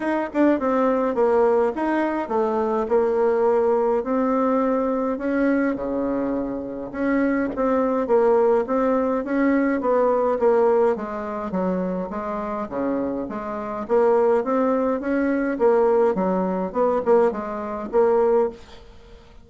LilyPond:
\new Staff \with { instrumentName = "bassoon" } { \time 4/4 \tempo 4 = 104 dis'8 d'8 c'4 ais4 dis'4 | a4 ais2 c'4~ | c'4 cis'4 cis2 | cis'4 c'4 ais4 c'4 |
cis'4 b4 ais4 gis4 | fis4 gis4 cis4 gis4 | ais4 c'4 cis'4 ais4 | fis4 b8 ais8 gis4 ais4 | }